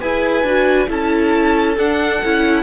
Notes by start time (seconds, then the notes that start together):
0.00 E4 G#4 B4 G#5
0.43 D4 F#4
0.88 C#4 E4 A4 A5
1.77 D4 F#5
2.24 C#4 E4